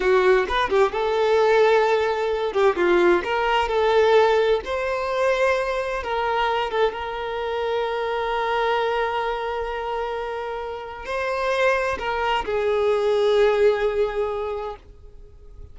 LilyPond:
\new Staff \with { instrumentName = "violin" } { \time 4/4 \tempo 4 = 130 fis'4 b'8 g'8 a'2~ | a'4. g'8 f'4 ais'4 | a'2 c''2~ | c''4 ais'4. a'8 ais'4~ |
ais'1~ | ais'1 | c''2 ais'4 gis'4~ | gis'1 | }